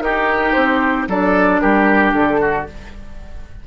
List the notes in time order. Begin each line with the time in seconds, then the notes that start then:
0.00 D#4 G4 A#4
0.52 C4 C5
1.08 F#3 D4 A4 D5
1.59 G3 G4 A#4
2.12 D3 A4
2.40 F#4